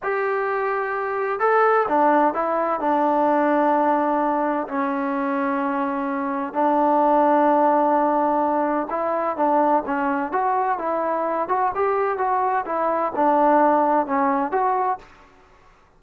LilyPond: \new Staff \with { instrumentName = "trombone" } { \time 4/4 \tempo 4 = 128 g'2. a'4 | d'4 e'4 d'2~ | d'2 cis'2~ | cis'2 d'2~ |
d'2. e'4 | d'4 cis'4 fis'4 e'4~ | e'8 fis'8 g'4 fis'4 e'4 | d'2 cis'4 fis'4 | }